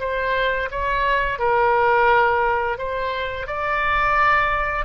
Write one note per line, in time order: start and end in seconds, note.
0.00 0.70 C5
0.71 1.39 C#5
1.39 2.78 A#4
2.78 3.47 C5
3.47 4.86 D5